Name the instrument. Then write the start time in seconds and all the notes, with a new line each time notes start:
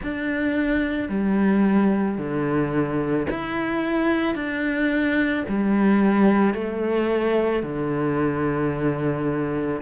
cello
0.02 D4
1.09 G3
2.18 D3
3.30 E4
4.34 D4
5.48 G3
6.54 A3
7.63 D3